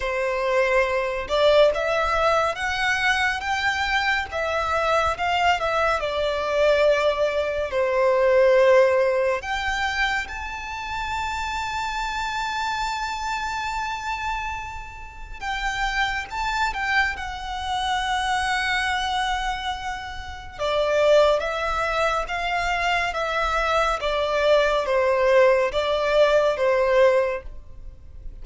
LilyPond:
\new Staff \with { instrumentName = "violin" } { \time 4/4 \tempo 4 = 70 c''4. d''8 e''4 fis''4 | g''4 e''4 f''8 e''8 d''4~ | d''4 c''2 g''4 | a''1~ |
a''2 g''4 a''8 g''8 | fis''1 | d''4 e''4 f''4 e''4 | d''4 c''4 d''4 c''4 | }